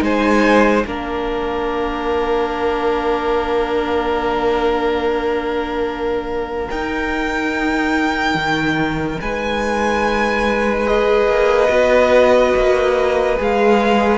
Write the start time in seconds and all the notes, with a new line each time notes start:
0.00 G#3 D#4 C5 G#5
0.86 A#3 D4 A#4 F5
6.70 D#4 G5
8.35 D#3
9.21 G#3 B4 G#5
10.87 G#4 D#5
11.28 A#3
11.69 B3 F#4
12.56 A#3
13.36 G#3 G#4 F5